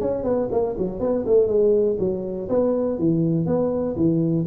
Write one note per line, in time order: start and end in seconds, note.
0.00 0.23 C#4
0.23 0.48 B3
0.51 0.76 A#3
0.77 0.99 F#3
0.99 1.24 B3
1.26 1.47 A3
1.47 1.97 G#3
1.99 2.48 F#3
2.49 2.98 B3
2.98 3.46 E3
3.46 3.95 B3
3.96 4.45 E3